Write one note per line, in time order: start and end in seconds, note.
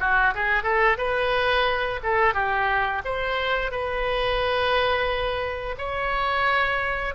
0.00 0.34 F#4
0.34 0.64 G#4
0.64 0.98 A4
0.98 2.00 B4
2.03 2.34 A4
2.34 3.02 G4
3.05 3.71 C5
3.71 5.76 B4
5.78 7.15 C#5